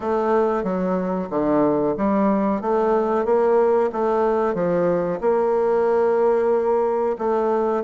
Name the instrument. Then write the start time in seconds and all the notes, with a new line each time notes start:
bassoon
0.00 A3
0.63 F#3
1.30 D3
1.97 G3
2.61 A3
3.25 A#3
3.92 A3
4.54 F3
5.20 A#3
7.18 A3